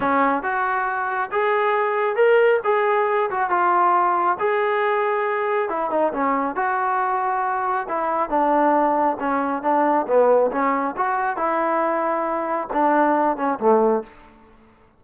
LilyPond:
\new Staff \with { instrumentName = "trombone" } { \time 4/4 \tempo 4 = 137 cis'4 fis'2 gis'4~ | gis'4 ais'4 gis'4. fis'8 | f'2 gis'2~ | gis'4 e'8 dis'8 cis'4 fis'4~ |
fis'2 e'4 d'4~ | d'4 cis'4 d'4 b4 | cis'4 fis'4 e'2~ | e'4 d'4. cis'8 a4 | }